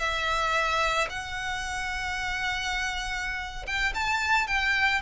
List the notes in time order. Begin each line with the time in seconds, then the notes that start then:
0.00 E5
1.10 F#5
3.67 G5
3.95 A5
4.48 G5